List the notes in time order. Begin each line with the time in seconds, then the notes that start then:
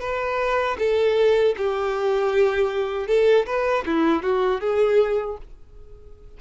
0.00 B4
0.78 A4
1.57 G4
3.07 A4
3.46 B4
3.86 E4
4.22 F#4
4.60 G#4